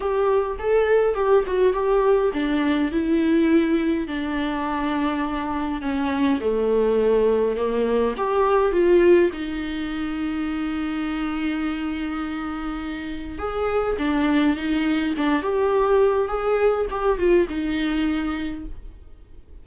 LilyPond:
\new Staff \with { instrumentName = "viola" } { \time 4/4 \tempo 4 = 103 g'4 a'4 g'8 fis'8 g'4 | d'4 e'2 d'4~ | d'2 cis'4 a4~ | a4 ais4 g'4 f'4 |
dis'1~ | dis'2. gis'4 | d'4 dis'4 d'8 g'4. | gis'4 g'8 f'8 dis'2 | }